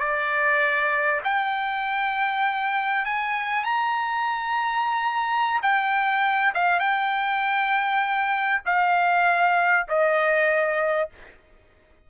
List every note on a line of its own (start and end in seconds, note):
0.00 1.21 D5
1.25 3.06 G5
3.06 3.64 G#5
3.64 5.61 A#5
5.63 6.54 G5
6.55 6.80 F5
6.80 8.62 G5
8.66 9.87 F5
9.89 11.10 D#5